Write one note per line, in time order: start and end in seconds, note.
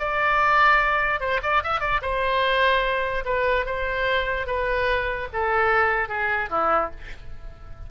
0.00 1.21 D5
1.21 1.41 C5
1.43 1.64 D5
1.64 1.81 E5
1.81 2.01 D5
2.02 3.25 C5
3.26 3.66 B4
3.66 4.47 C5
4.47 5.29 B4
5.33 6.09 A4
6.09 6.50 G#4
6.50 6.91 E4